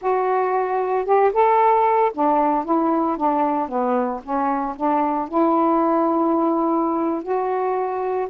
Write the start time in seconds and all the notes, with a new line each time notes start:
0.01 F#4
1.05 G4
1.33 A4
2.14 D4
2.64 E4
3.17 D4
3.68 B3
4.23 C#4
4.75 D4
5.28 E4
7.22 F#4